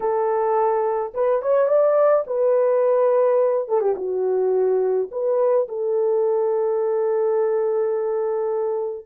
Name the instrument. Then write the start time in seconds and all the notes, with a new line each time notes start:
horn
0.00 A4
1.13 B4
1.42 C#5
1.67 D5
2.26 B4
3.68 A4
3.81 G4
3.95 F#4
5.11 B4
5.68 A4